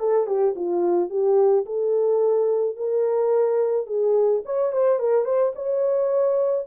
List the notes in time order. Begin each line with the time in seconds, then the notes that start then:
0.00 A4
0.27 G4
0.56 F4
1.10 G4
1.66 A4
2.77 A#4
3.87 G#4
4.45 C#5
4.73 C5
4.99 A#4
5.25 C5
5.56 C#5